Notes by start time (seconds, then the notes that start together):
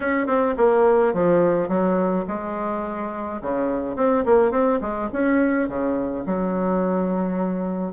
0.00 C#4
0.26 C4
0.57 A#3
1.13 F3
1.68 F#3
2.27 G#3
3.41 C#3
3.95 C4
4.25 A#3
4.51 C4
4.81 G#3
5.12 C#4
5.68 C#3
6.26 F#3